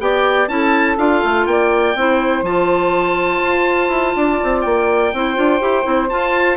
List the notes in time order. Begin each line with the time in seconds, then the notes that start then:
0.00 B3 G4 D5 G5
0.48 C#4 E4 A4 A5
0.98 D4 F4 F5
1.24 A3
1.47 A#3 D5 G5
1.95 C4 E4 C5
2.43 F3 F4 A5
3.43 F4
3.89 E4
4.16 D4 D5
4.44 C4
4.62 A#3 G5
5.13 C4 E4 C5
5.36 D4 F4
5.60 E4 G4
5.83 C4 E4
6.10 F4 A5